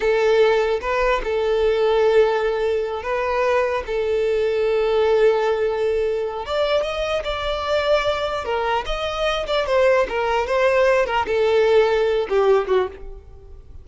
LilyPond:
\new Staff \with { instrumentName = "violin" } { \time 4/4 \tempo 4 = 149 a'2 b'4 a'4~ | a'2.~ a'8 b'8~ | b'4. a'2~ a'8~ | a'1 |
d''4 dis''4 d''2~ | d''4 ais'4 dis''4. d''8 | c''4 ais'4 c''4. ais'8 | a'2~ a'8 g'4 fis'8 | }